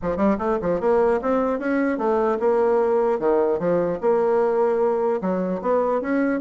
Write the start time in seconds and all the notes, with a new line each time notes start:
0.01 F3
0.17 G3
0.38 A3
0.61 F3
0.80 A#3
1.21 C4
1.59 C#4
1.98 A3
2.39 A#3
3.19 D#3
3.59 F3
4.01 A#3
5.21 F#3
5.61 B3
6.01 C#4